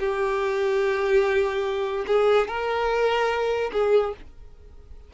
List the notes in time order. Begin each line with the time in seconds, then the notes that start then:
0.00 G4
2.07 G#4
2.48 A#4
3.73 G#4